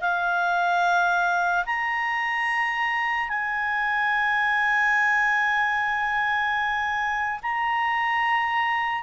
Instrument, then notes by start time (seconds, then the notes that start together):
clarinet
0.00 F5
1.65 A#5
3.28 G#5
7.42 A#5